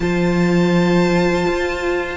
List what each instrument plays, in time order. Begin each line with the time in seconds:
0.00 cello F3, viola F4, violin C5 A5
1.47 cello F4